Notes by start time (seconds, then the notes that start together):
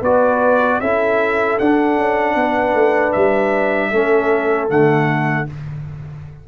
0.00 B3 F#4 B4 D5
0.80 C#4 E4 A4 E5
1.58 D4 F#5
1.97 C#4
2.35 B3 B4
2.74 A3
3.12 G3 E5
3.90 A3 C#4 A4
4.69 D3 A3 F#5